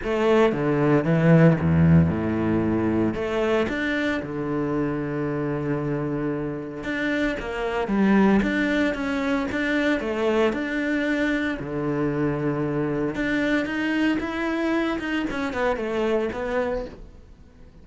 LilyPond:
\new Staff \with { instrumentName = "cello" } { \time 4/4 \tempo 4 = 114 a4 d4 e4 e,4 | a,2 a4 d'4 | d1~ | d4 d'4 ais4 g4 |
d'4 cis'4 d'4 a4 | d'2 d2~ | d4 d'4 dis'4 e'4~ | e'8 dis'8 cis'8 b8 a4 b4 | }